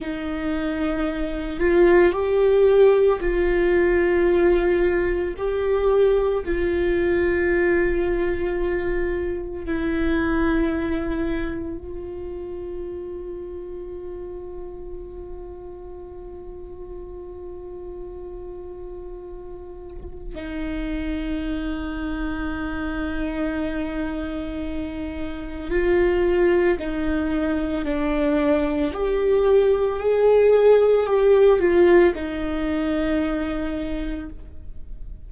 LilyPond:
\new Staff \with { instrumentName = "viola" } { \time 4/4 \tempo 4 = 56 dis'4. f'8 g'4 f'4~ | f'4 g'4 f'2~ | f'4 e'2 f'4~ | f'1~ |
f'2. dis'4~ | dis'1 | f'4 dis'4 d'4 g'4 | gis'4 g'8 f'8 dis'2 | }